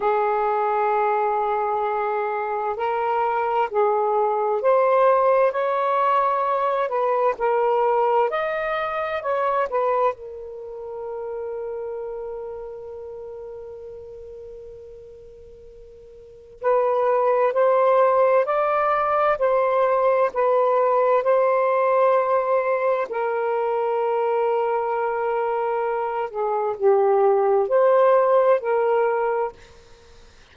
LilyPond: \new Staff \with { instrumentName = "saxophone" } { \time 4/4 \tempo 4 = 65 gis'2. ais'4 | gis'4 c''4 cis''4. b'8 | ais'4 dis''4 cis''8 b'8 ais'4~ | ais'1~ |
ais'2 b'4 c''4 | d''4 c''4 b'4 c''4~ | c''4 ais'2.~ | ais'8 gis'8 g'4 c''4 ais'4 | }